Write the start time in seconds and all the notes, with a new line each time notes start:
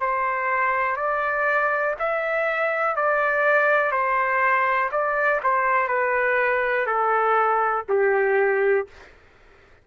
0.00 C5
0.96 D5
1.99 E5
2.96 D5
3.91 C5
4.91 D5
5.43 C5
5.88 B4
6.86 A4
7.89 G4